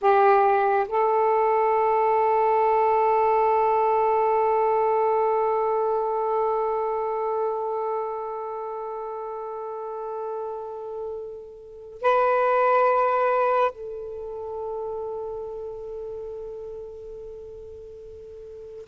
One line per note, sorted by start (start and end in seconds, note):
0.01 0.86 G4
0.88 12.01 A4
12.01 13.71 B4
13.71 18.85 A4